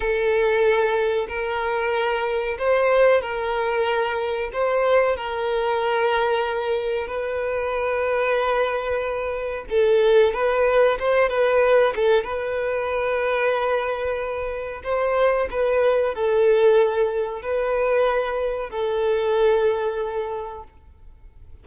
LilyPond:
\new Staff \with { instrumentName = "violin" } { \time 4/4 \tempo 4 = 93 a'2 ais'2 | c''4 ais'2 c''4 | ais'2. b'4~ | b'2. a'4 |
b'4 c''8 b'4 a'8 b'4~ | b'2. c''4 | b'4 a'2 b'4~ | b'4 a'2. | }